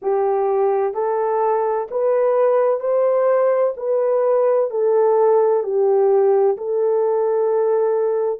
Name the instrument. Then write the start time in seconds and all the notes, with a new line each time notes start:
horn
0.02 G4
0.94 A4
1.90 B4
2.80 C5
3.77 B4
4.70 A4
5.62 G4
6.57 A4